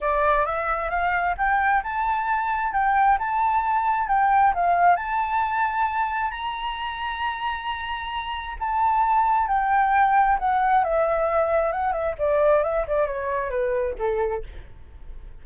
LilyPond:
\new Staff \with { instrumentName = "flute" } { \time 4/4 \tempo 4 = 133 d''4 e''4 f''4 g''4 | a''2 g''4 a''4~ | a''4 g''4 f''4 a''4~ | a''2 ais''2~ |
ais''2. a''4~ | a''4 g''2 fis''4 | e''2 fis''8 e''8 d''4 | e''8 d''8 cis''4 b'4 a'4 | }